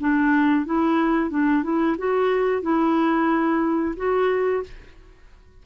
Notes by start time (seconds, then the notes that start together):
0.00 D4
0.65 E4
1.30 D4
1.63 E4
1.98 F#4
2.62 E4
3.96 F#4